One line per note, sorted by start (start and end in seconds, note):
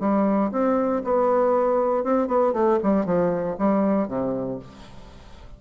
0.00 0.51 G3
0.52 1.03 C4
1.04 2.04 B3
2.04 2.28 C4
2.28 2.53 B3
2.53 2.79 A3
2.83 3.06 G3
3.06 3.57 F3
3.59 4.08 G3
4.08 4.59 C3